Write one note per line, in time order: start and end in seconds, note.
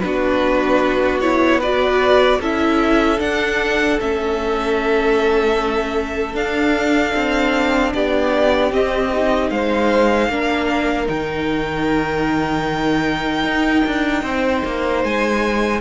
0.00 2.40 B3
0.00 1.22 D4
0.00 1.60 F#4
0.00 1.18 B4
1.21 1.62 E4
1.21 1.61 C#5
1.60 2.42 F#4
1.60 2.39 B4
1.60 2.41 D5
2.40 3.19 C#4
2.40 3.18 E4
2.40 7.93 A4
2.40 3.20 E5
3.18 3.97 D4
3.18 3.99 D4
3.18 3.99 F#5
4.00 6.35 A3
4.00 6.35 C#4
4.00 6.35 E5
6.35 7.14 D4
6.35 8.72 D4
6.35 7.93 F5
7.15 7.94 C4
7.94 8.72 B3
7.94 9.52 G4
7.94 8.73 D5
8.72 9.11 C4
8.72 9.51 C4
8.72 9.50 D#5
9.13 10.31 D#4
9.50 10.29 G#3
9.50 10.31 C5
9.50 11.08 F5
10.29 11.08 A#3
10.29 11.06 D4
10.29 14.23 A#4
11.06 13.44 D#3
11.06 15.80 D#4
11.06 15.04 G5
13.44 13.84 D#4
13.86 14.23 D4
14.23 14.63 C4
14.23 15.81 C5
14.65 15.04 A#3
15.04 15.81 G#3
15.04 15.81 G#5